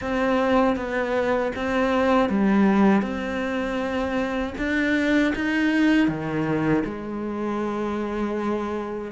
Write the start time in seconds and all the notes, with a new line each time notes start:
0.01 C4
0.76 B3
1.55 C4
2.29 G3
3.02 C4
4.57 D4
5.35 D#4
6.08 D#3
6.85 G#3